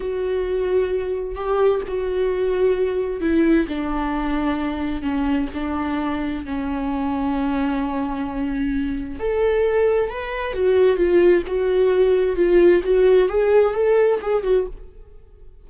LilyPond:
\new Staff \with { instrumentName = "viola" } { \time 4/4 \tempo 4 = 131 fis'2. g'4 | fis'2. e'4 | d'2. cis'4 | d'2 cis'2~ |
cis'1 | a'2 b'4 fis'4 | f'4 fis'2 f'4 | fis'4 gis'4 a'4 gis'8 fis'8 | }